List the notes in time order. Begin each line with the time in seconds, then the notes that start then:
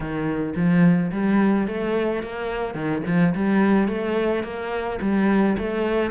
0.00 D#3
0.55 F3
1.12 G3
1.67 A3
2.22 A#3
2.74 D#3
3.06 F3
3.35 G3
3.88 A3
4.43 A#3
5.01 G3
5.58 A3